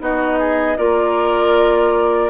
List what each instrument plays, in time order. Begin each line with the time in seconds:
0.00 bassoon B3, clarinet D#4, oboe F#4, flute D#5
0.39 oboe G#4
0.77 bassoon A#3, clarinet F4, oboe A#4, flute D5